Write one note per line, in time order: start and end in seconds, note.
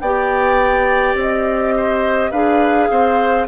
0.00 1.15 B3
0.00 2.34 G4
0.00 1.75 D5
0.00 1.15 G5
1.15 2.30 C4
1.21 2.31 D#5
1.77 2.31 C5
2.31 2.89 D4
2.31 3.48 G#4
2.31 2.89 B4
2.31 3.47 F5
2.90 3.48 C4
2.90 3.48 C5